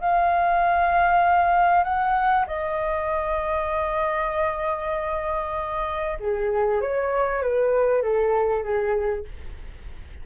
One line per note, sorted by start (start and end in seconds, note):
0.00 1.83 F5
1.83 2.45 F#5
2.47 6.18 D#5
6.19 6.81 G#4
6.81 7.42 C#5
7.42 8.02 B4
8.02 8.63 A4
8.63 9.25 G#4